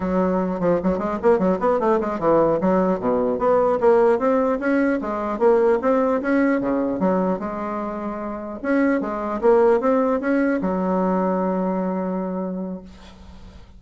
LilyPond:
\new Staff \with { instrumentName = "bassoon" } { \time 4/4 \tempo 4 = 150 fis4. f8 fis8 gis8 ais8 fis8 | b8 a8 gis8 e4 fis4 b,8~ | b,8 b4 ais4 c'4 cis'8~ | cis'8 gis4 ais4 c'4 cis'8~ |
cis'8 cis4 fis4 gis4.~ | gis4. cis'4 gis4 ais8~ | ais8 c'4 cis'4 fis4.~ | fis1 | }